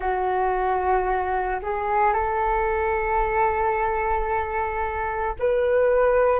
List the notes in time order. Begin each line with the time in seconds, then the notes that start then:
0.00 F#4
1.62 G#4
2.13 A4
5.39 B4